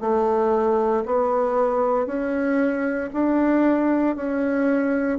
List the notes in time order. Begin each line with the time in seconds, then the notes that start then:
0.00 A3
1.05 B3
2.06 C#4
3.13 D4
4.16 C#4